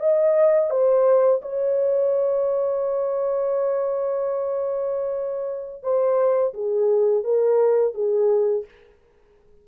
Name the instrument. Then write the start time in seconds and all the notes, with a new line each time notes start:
horn
0.00 D#5
0.70 C5
1.42 C#5
5.83 C5
6.54 G#4
7.24 A#4
7.94 G#4